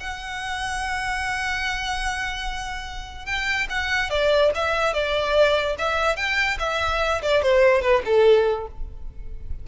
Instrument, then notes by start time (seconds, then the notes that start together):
violin
0.00 F#5
3.26 G5
3.70 F#5
4.10 D5
4.55 E5
4.93 D5
5.78 E5
6.16 G5
6.59 E5
7.22 D5
7.43 C5
7.82 B4
8.05 A4